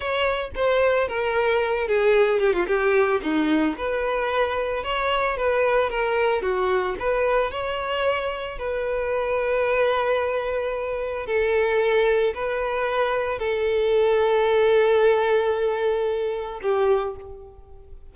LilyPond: \new Staff \with { instrumentName = "violin" } { \time 4/4 \tempo 4 = 112 cis''4 c''4 ais'4. gis'8~ | gis'8 g'16 f'16 g'4 dis'4 b'4~ | b'4 cis''4 b'4 ais'4 | fis'4 b'4 cis''2 |
b'1~ | b'4 a'2 b'4~ | b'4 a'2.~ | a'2. g'4 | }